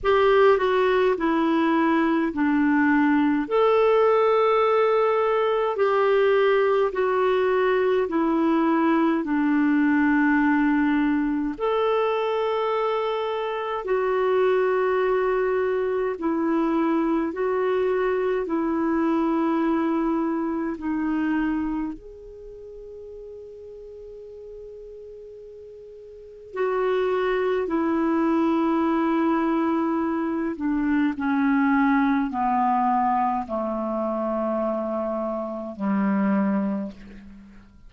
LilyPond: \new Staff \with { instrumentName = "clarinet" } { \time 4/4 \tempo 4 = 52 g'8 fis'8 e'4 d'4 a'4~ | a'4 g'4 fis'4 e'4 | d'2 a'2 | fis'2 e'4 fis'4 |
e'2 dis'4 gis'4~ | gis'2. fis'4 | e'2~ e'8 d'8 cis'4 | b4 a2 g4 | }